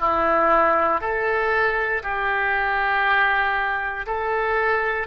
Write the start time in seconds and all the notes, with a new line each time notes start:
0.00 E4
1.01 A4
2.03 G4
4.07 A4